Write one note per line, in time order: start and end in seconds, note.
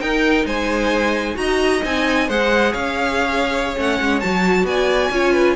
0.00 1.34 D#4
0.00 0.45 D#4
0.00 0.46 A#4
0.00 0.45 G5
0.45 1.36 G#3
0.45 1.37 C5
0.45 1.37 G#5
1.34 1.82 D#4
1.34 1.80 F#4
1.34 1.82 A#5
1.40 2.27 D#5
1.84 2.29 C4
1.84 2.29 D#4
1.84 2.29 G#5
2.27 2.74 G#3
2.27 3.76 G#4
2.27 2.72 C5
2.27 2.73 F#5
2.72 3.77 C#4
2.72 4.65 C#5
2.72 3.76 F5
3.76 4.00 A3
3.76 4.21 C#4
3.76 4.20 F#5
4.00 4.23 G#3
4.20 4.64 F#3
4.20 5.12 F#4
4.20 4.65 A5
4.64 5.09 B3
4.64 5.13 D5
4.64 5.56 G#5
5.10 5.56 C#4
5.10 5.56 F4
5.10 5.33 C#5
5.33 5.56 B4